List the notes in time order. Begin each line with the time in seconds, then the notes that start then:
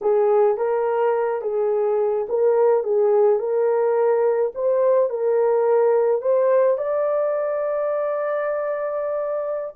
0.01 G#4
0.57 A#4
1.42 G#4
2.28 A#4
2.83 G#4
3.39 A#4
4.54 C5
5.09 A#4
6.21 C5
6.77 D5